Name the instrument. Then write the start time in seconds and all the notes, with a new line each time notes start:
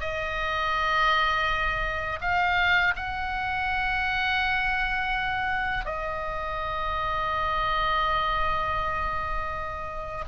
oboe
0.00 D#5
2.21 F5
2.96 F#5
5.85 D#5